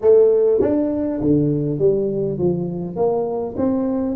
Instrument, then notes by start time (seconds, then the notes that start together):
tuba
0.01 A3
0.60 D4
1.20 D3
1.78 G3
2.38 F3
2.96 A#3
3.57 C4